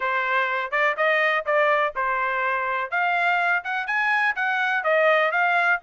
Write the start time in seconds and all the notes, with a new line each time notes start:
0.00 C5
0.71 D5
0.96 D#5
1.45 D5
1.95 C5
2.90 F5
3.63 F#5
3.86 G#5
4.35 F#5
4.83 D#5
5.31 F5